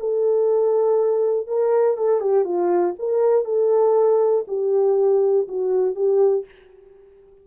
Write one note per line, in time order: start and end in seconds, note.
0.00 1.47 A4
1.47 1.97 A#4
1.97 2.21 A4
2.21 2.45 G4
2.45 2.95 F4
2.99 3.45 A#4
3.45 4.45 A4
4.48 5.48 G4
5.48 5.95 F#4
5.95 6.45 G4